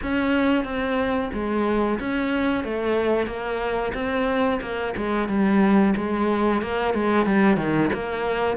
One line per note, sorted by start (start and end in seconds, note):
0.02 0.64 C#4
0.64 1.30 C4
1.33 1.99 G#3
1.99 2.63 C#4
2.63 3.26 A3
3.26 3.92 A#3
3.94 4.60 C4
4.61 4.94 A#3
4.96 5.28 G#3
5.28 5.94 G3
5.96 6.62 G#3
6.62 6.94 A#3
6.94 7.26 G#3
7.26 7.56 G3
7.56 7.89 D#3
7.93 8.56 A#3